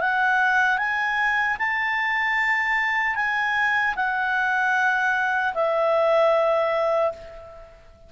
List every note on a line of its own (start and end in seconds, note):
0.00 0.78 F#5
0.78 1.57 G#5
1.58 3.15 A5
3.15 3.94 G#5
3.96 5.54 F#5
5.54 7.12 E5